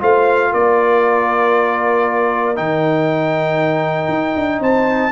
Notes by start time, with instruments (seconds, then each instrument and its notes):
0.00 tuba A3, trombone F4, horn C5, trumpet F5
0.51 tuba A#3, horn A#4, trumpet D5
2.56 tuba D#3, trombone D#4, trumpet G5
4.09 tuba D#4
4.36 tuba D4
4.60 tuba C4, horn C5, trumpet A5